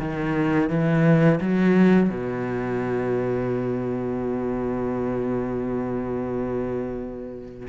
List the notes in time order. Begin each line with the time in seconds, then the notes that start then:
0.00 D#3
0.70 E3
1.40 F#3
2.10 B2